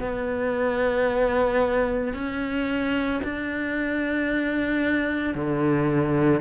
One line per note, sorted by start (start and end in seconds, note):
0.00 2.13 B3
2.13 3.20 C#4
3.23 5.34 D4
5.34 6.41 D3